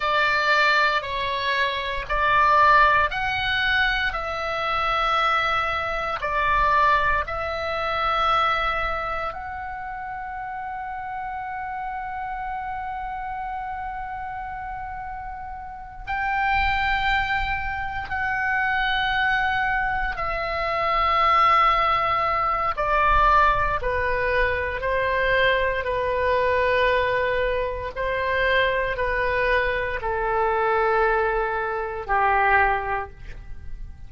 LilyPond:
\new Staff \with { instrumentName = "oboe" } { \time 4/4 \tempo 4 = 58 d''4 cis''4 d''4 fis''4 | e''2 d''4 e''4~ | e''4 fis''2.~ | fis''2.~ fis''8 g''8~ |
g''4. fis''2 e''8~ | e''2 d''4 b'4 | c''4 b'2 c''4 | b'4 a'2 g'4 | }